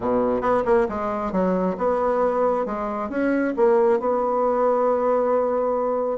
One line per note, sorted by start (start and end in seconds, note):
0.00 0.41 B2
0.41 0.63 B3
0.65 0.87 A#3
0.88 1.31 G#3
1.31 1.75 F#3
1.77 2.65 B3
2.65 3.09 G#3
3.09 3.53 C#4
3.56 3.99 A#3
3.99 6.18 B3